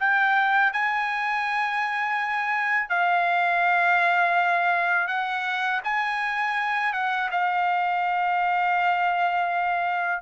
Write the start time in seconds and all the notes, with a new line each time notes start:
0.00 G5
0.73 G#5
2.90 F5
5.08 F#5
5.84 G#5
6.93 F#5
7.31 F5